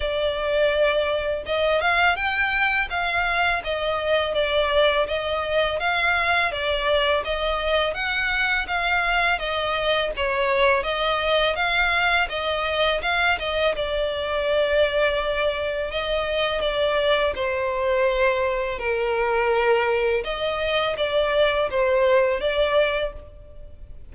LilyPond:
\new Staff \with { instrumentName = "violin" } { \time 4/4 \tempo 4 = 83 d''2 dis''8 f''8 g''4 | f''4 dis''4 d''4 dis''4 | f''4 d''4 dis''4 fis''4 | f''4 dis''4 cis''4 dis''4 |
f''4 dis''4 f''8 dis''8 d''4~ | d''2 dis''4 d''4 | c''2 ais'2 | dis''4 d''4 c''4 d''4 | }